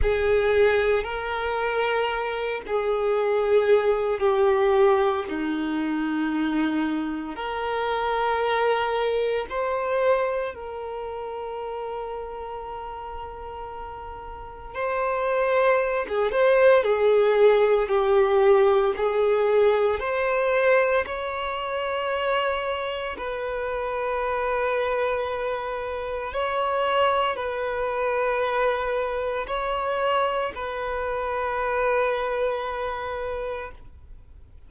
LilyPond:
\new Staff \with { instrumentName = "violin" } { \time 4/4 \tempo 4 = 57 gis'4 ais'4. gis'4. | g'4 dis'2 ais'4~ | ais'4 c''4 ais'2~ | ais'2 c''4~ c''16 gis'16 c''8 |
gis'4 g'4 gis'4 c''4 | cis''2 b'2~ | b'4 cis''4 b'2 | cis''4 b'2. | }